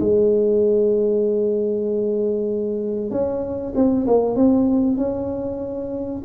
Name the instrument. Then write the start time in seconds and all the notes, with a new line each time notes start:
tuba
0.00 G#3
3.11 C#4
3.75 C4
4.07 A#3
4.36 C4
4.97 C#4